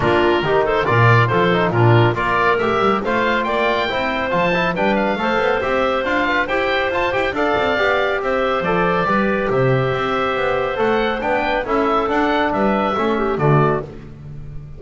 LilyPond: <<
  \new Staff \with { instrumentName = "oboe" } { \time 4/4 \tempo 4 = 139 ais'4. c''8 d''4 c''4 | ais'4 d''4 e''4 f''4 | g''2 a''4 g''8 f''8~ | f''4 e''4 f''4 g''4 |
a''8 g''8 f''2 e''4 | d''2 e''2~ | e''4 fis''4 g''4 e''4 | fis''4 e''2 d''4 | }
  \new Staff \with { instrumentName = "clarinet" } { \time 4/4 f'4 g'8 a'8 ais'4 a'4 | f'4 ais'2 c''4 | d''4 c''2 b'4 | c''2~ c''8 b'8 c''4~ |
c''4 d''2 c''4~ | c''4 b'4 c''2~ | c''2 b'4 a'4~ | a'4 b'4 a'8 g'8 fis'4 | }
  \new Staff \with { instrumentName = "trombone" } { \time 4/4 d'4 dis'4 f'4. dis'8 | d'4 f'4 g'4 f'4~ | f'4 e'4 f'8 e'8 d'4 | a'4 g'4 f'4 g'4 |
f'8 g'8 a'4 g'2 | a'4 g'2.~ | g'4 a'4 d'4 e'4 | d'2 cis'4 a4 | }
  \new Staff \with { instrumentName = "double bass" } { \time 4/4 ais4 dis4 ais,4 f4 | ais,4 ais4 a8 g8 a4 | ais4 c'4 f4 g4 | a8 b8 c'4 d'4 e'4 |
f'8 e'8 d'8 c'8 b4 c'4 | f4 g4 c4 c'4 | b4 a4 b4 cis'4 | d'4 g4 a4 d4 | }
>>